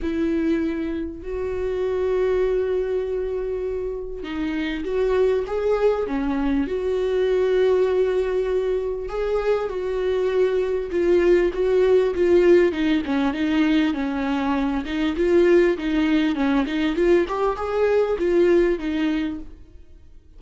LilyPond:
\new Staff \with { instrumentName = "viola" } { \time 4/4 \tempo 4 = 99 e'2 fis'2~ | fis'2. dis'4 | fis'4 gis'4 cis'4 fis'4~ | fis'2. gis'4 |
fis'2 f'4 fis'4 | f'4 dis'8 cis'8 dis'4 cis'4~ | cis'8 dis'8 f'4 dis'4 cis'8 dis'8 | f'8 g'8 gis'4 f'4 dis'4 | }